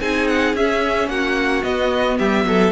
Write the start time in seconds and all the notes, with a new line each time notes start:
0.00 C4 D#4 G#4 G#5
0.27 F#5
0.54 C#4 E5
1.08 A#3 F#4 F#5
1.63 B3 D#5
2.18 G3 G4 E5
2.44 F#3 A4